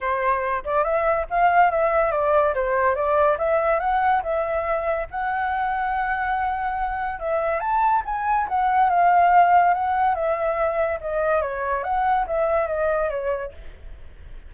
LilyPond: \new Staff \with { instrumentName = "flute" } { \time 4/4 \tempo 4 = 142 c''4. d''8 e''4 f''4 | e''4 d''4 c''4 d''4 | e''4 fis''4 e''2 | fis''1~ |
fis''4 e''4 a''4 gis''4 | fis''4 f''2 fis''4 | e''2 dis''4 cis''4 | fis''4 e''4 dis''4 cis''4 | }